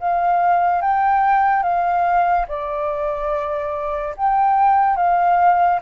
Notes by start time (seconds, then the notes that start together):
0.00 F5
0.82 G5
1.63 F5
2.48 D5
4.17 G5
4.97 F5